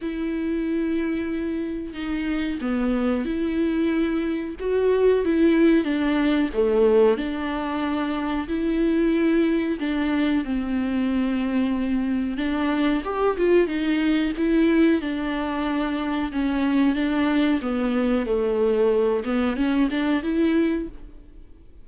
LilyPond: \new Staff \with { instrumentName = "viola" } { \time 4/4 \tempo 4 = 92 e'2. dis'4 | b4 e'2 fis'4 | e'4 d'4 a4 d'4~ | d'4 e'2 d'4 |
c'2. d'4 | g'8 f'8 dis'4 e'4 d'4~ | d'4 cis'4 d'4 b4 | a4. b8 cis'8 d'8 e'4 | }